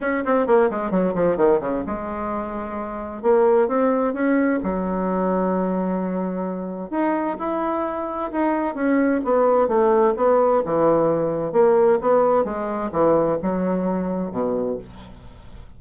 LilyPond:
\new Staff \with { instrumentName = "bassoon" } { \time 4/4 \tempo 4 = 130 cis'8 c'8 ais8 gis8 fis8 f8 dis8 cis8 | gis2. ais4 | c'4 cis'4 fis2~ | fis2. dis'4 |
e'2 dis'4 cis'4 | b4 a4 b4 e4~ | e4 ais4 b4 gis4 | e4 fis2 b,4 | }